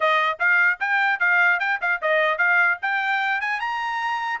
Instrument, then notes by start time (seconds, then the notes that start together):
trumpet
0.00 D#5
0.39 F5
0.80 G5
1.19 F5
1.59 G5
1.81 F5
2.01 D#5
2.38 F5
2.81 G5
3.41 G#5
3.59 A#5